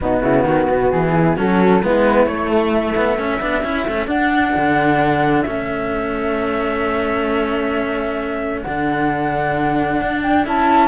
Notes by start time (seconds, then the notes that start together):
0.00 B2 B3 D#4 F#4
0.21 C#3 E4
0.43 D#3 F#4
0.69 B2
0.90 E3 G#4
1.13 E4
1.36 F#3 C#4 F#4 A4
1.82 G#3 B3 E4 B4
2.25 A3 C#5
2.48 A4
2.73 E5
2.96 B3
3.15 C#4 A4
3.40 B3 D4
3.62 C#4 E4
3.87 A3 C#4
4.06 D4 F#5
4.56 D3
5.42 A3 C#4 E5
8.61 D3 D4 F#5
10.01 D4
10.22 G5
10.44 C#4 E4 A5